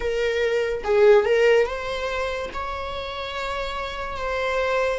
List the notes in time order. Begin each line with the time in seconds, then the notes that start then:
0.00 A#4
0.83 G#4
1.25 A#4
1.66 C5
2.53 C#5
4.17 C5